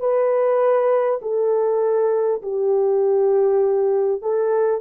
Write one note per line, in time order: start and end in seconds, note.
0.00 1.20 B4
1.22 2.42 A4
2.42 4.22 G4
4.22 4.81 A4